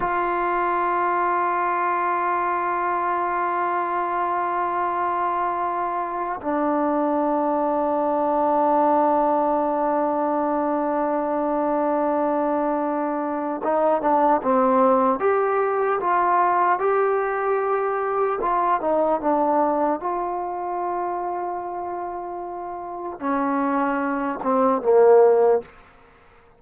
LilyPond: \new Staff \with { instrumentName = "trombone" } { \time 4/4 \tempo 4 = 75 f'1~ | f'1 | d'1~ | d'1~ |
d'4 dis'8 d'8 c'4 g'4 | f'4 g'2 f'8 dis'8 | d'4 f'2.~ | f'4 cis'4. c'8 ais4 | }